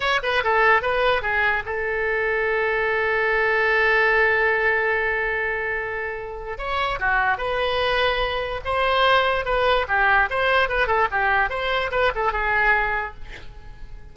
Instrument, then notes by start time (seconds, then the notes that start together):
oboe
0.00 C#5
0.22 B4
0.43 A4
0.82 B4
1.22 G#4
1.65 A4
6.58 C#5
6.99 F#4
7.37 B4
8.65 C5
9.45 B4
9.88 G4
10.29 C5
10.68 B4
10.87 A4
11.11 G4
11.49 C5
11.91 B4
12.15 A4
12.32 G#4